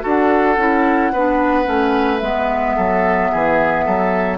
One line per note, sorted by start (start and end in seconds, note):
0.00 0.57 D4
0.00 0.55 F#4
0.00 1.11 A4
0.00 2.18 F#5
0.57 1.11 C#4
0.57 1.13 E4
1.12 1.66 B3
1.12 1.64 D4
1.12 2.76 B4
1.64 2.21 A3
1.64 2.19 C#4
2.18 2.75 G#3
2.18 4.37 B3
2.18 4.37 E5
2.76 3.31 F#3
2.76 3.30 A4
3.31 3.86 E3
3.31 3.85 G#4
3.85 4.37 F#3
3.85 4.37 A4